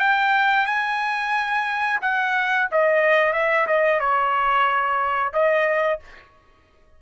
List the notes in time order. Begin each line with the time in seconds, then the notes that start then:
0.00 G5
0.66 G#5
2.02 F#5
2.72 D#5
3.33 E5
3.67 D#5
4.00 C#5
5.33 D#5